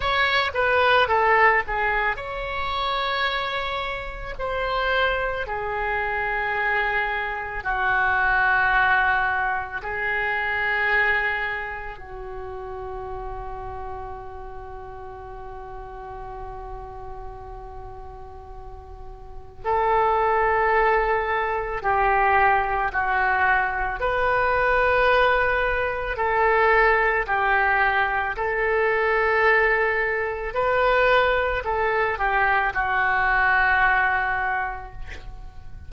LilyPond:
\new Staff \with { instrumentName = "oboe" } { \time 4/4 \tempo 4 = 55 cis''8 b'8 a'8 gis'8 cis''2 | c''4 gis'2 fis'4~ | fis'4 gis'2 fis'4~ | fis'1~ |
fis'2 a'2 | g'4 fis'4 b'2 | a'4 g'4 a'2 | b'4 a'8 g'8 fis'2 | }